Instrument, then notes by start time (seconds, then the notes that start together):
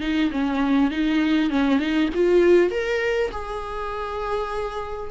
viola
0.00 D#4
0.31 C#4
0.90 D#4
1.50 C#4
1.79 D#4
2.14 F4
2.70 A#4
3.31 G#4